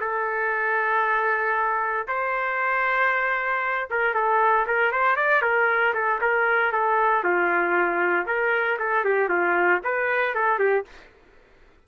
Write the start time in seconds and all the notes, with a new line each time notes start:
0.00 A4
2.08 C5
3.90 A#4
4.14 A4
4.66 A#4
4.92 C5
5.16 D5
5.42 A#4
5.94 A4
6.21 A#4
6.72 A4
7.24 F4
8.26 A#4
8.79 A4
9.04 G4
9.29 F4
9.83 B4
10.35 A4
10.59 G4